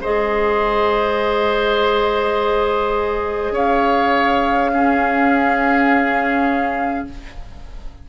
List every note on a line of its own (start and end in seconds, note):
0.00 3.51 G#3
0.00 4.74 G#4
0.00 3.53 C5
0.00 3.55 D#5
3.51 7.04 C#4
3.51 4.71 C#5
3.51 7.08 F5
4.73 7.10 C#4
4.73 7.09 G#4